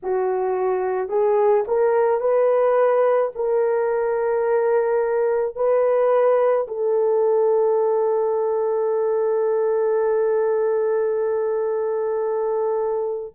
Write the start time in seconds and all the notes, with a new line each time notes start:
0.03 F#4
1.09 G#4
1.67 A#4
2.20 B4
3.35 A#4
5.55 B4
6.67 A4